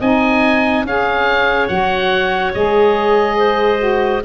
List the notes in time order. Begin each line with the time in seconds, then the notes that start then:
0.00 C4 D#4 D#5 G#5
0.84 C#4 G#4 C#5 F5
1.68 F#3 F#4 F#5
2.55 G#3 G#4 D#5
3.37 C5
3.79 F#4